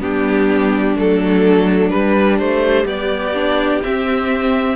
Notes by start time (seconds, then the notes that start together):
0.00 G3 B3 D4 G4
0.96 F#3 A3 A4
1.90 G3 B4
2.39 A3 C5
2.85 B3 G4 D5
3.34 D4
3.83 C4 E5